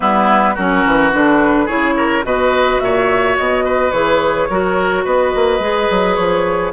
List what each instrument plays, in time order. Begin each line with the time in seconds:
0.00 bassoon G3, clarinet B3, oboe E4, flute B4
0.54 bassoon F#3, clarinet C#4, oboe F#4, flute A#4
0.85 bassoon E3
1.12 bassoon D3, clarinet D4, flute B4
1.65 bassoon C#3, clarinet E4, oboe G#4, flute C#5
1.96 oboe A#4
2.23 bassoon B2, clarinet F#4, oboe B4, flute D#5
2.80 bassoon A#2, oboe C#5, flute E5
3.37 bassoon B2, flute D#5
3.64 oboe B4
3.91 bassoon E3, clarinet G#4, flute C#5
4.49 bassoon F#3, clarinet F#4, oboe A#4
5.04 bassoon B3, oboe B4, flute D#5
5.35 bassoon A#3
5.59 bassoon G#3, clarinet G#4
5.90 bassoon F#3
6.15 bassoon F3, flute C#5